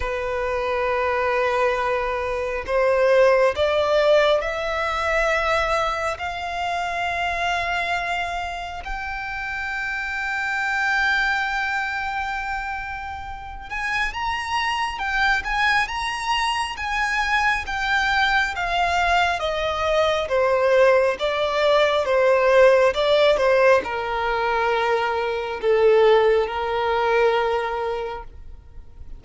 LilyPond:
\new Staff \with { instrumentName = "violin" } { \time 4/4 \tempo 4 = 68 b'2. c''4 | d''4 e''2 f''4~ | f''2 g''2~ | g''2.~ g''8 gis''8 |
ais''4 g''8 gis''8 ais''4 gis''4 | g''4 f''4 dis''4 c''4 | d''4 c''4 d''8 c''8 ais'4~ | ais'4 a'4 ais'2 | }